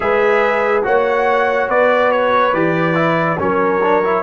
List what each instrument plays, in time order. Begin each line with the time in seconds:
0.00 tuba G#3, trombone G#4, horn B4, trumpet E5
0.83 tuba A#3, trombone F#4, horn C#5, trumpet F#5
1.68 tuba B3, horn B4, trumpet D5
2.11 trumpet C#5
2.53 tuba E3, trombone G4, trumpet D5
2.95 trombone E4
3.38 tuba F#3, trombone C#4, horn A#4, trumpet C#5
3.82 trombone D4
4.03 trombone E4